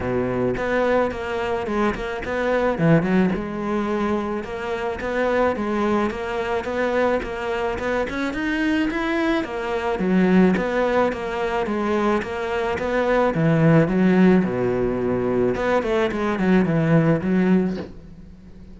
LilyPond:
\new Staff \with { instrumentName = "cello" } { \time 4/4 \tempo 4 = 108 b,4 b4 ais4 gis8 ais8 | b4 e8 fis8 gis2 | ais4 b4 gis4 ais4 | b4 ais4 b8 cis'8 dis'4 |
e'4 ais4 fis4 b4 | ais4 gis4 ais4 b4 | e4 fis4 b,2 | b8 a8 gis8 fis8 e4 fis4 | }